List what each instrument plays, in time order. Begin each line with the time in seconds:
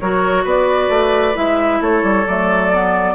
0.00 bassoon F#3, clarinet F#4, oboe A#4, flute C#5
0.44 bassoon B3, oboe B4, flute D5
0.89 bassoon A3
1.34 bassoon G#3, clarinet E4, flute E5
1.81 bassoon A3, oboe A4, flute C#5
2.03 bassoon G3
2.27 bassoon F#3, clarinet A3, flute D5
2.73 clarinet B3